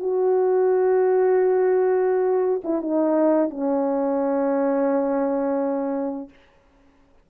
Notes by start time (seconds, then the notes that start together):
0.00 F#4
2.64 E4
2.82 D#4
3.51 C#4